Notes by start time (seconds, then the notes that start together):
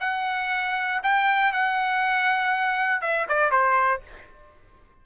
0.00 F#5
1.03 G5
1.52 F#5
3.01 E5
3.29 D5
3.51 C5